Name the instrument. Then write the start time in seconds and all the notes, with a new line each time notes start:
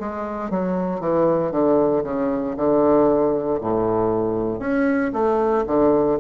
bassoon
0.00 G#3
0.51 F#3
1.01 E3
1.52 D3
2.04 C#3
2.57 D3
3.61 A2
4.60 C#4
5.13 A3
5.67 D3